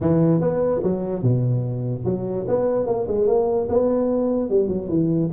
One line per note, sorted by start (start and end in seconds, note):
0.00 0.41 E3
0.41 0.81 B3
0.83 1.22 F#3
1.22 2.04 B2
2.04 2.45 F#3
2.47 2.86 B3
2.86 3.06 A#3
3.07 3.27 G#3
3.27 3.68 A#3
3.68 4.49 B3
4.49 4.68 G3
4.68 4.88 F#3
4.88 5.29 E3